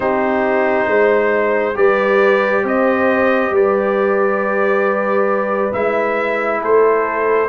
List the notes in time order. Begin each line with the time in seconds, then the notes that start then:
0.00 C4 D#4 G4 C5
0.86 G#3 C5
1.74 G3 G4 B4 D5
2.62 C4 C5 D#5
3.50 G3 B4 D5
5.72 G#3 E4 E5
6.61 A3 A4 C5